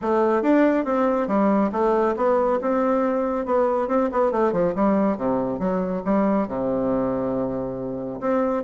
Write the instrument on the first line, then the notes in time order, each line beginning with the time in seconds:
bassoon
0.01 A3
0.42 D4
0.85 C4
1.27 G3
1.72 A3
2.16 B3
2.61 C4
3.45 B3
3.88 C4
4.12 B3
4.31 A3
4.52 F3
4.75 G3
5.17 C3
5.59 F#3
6.04 G3
6.47 C3
8.20 C4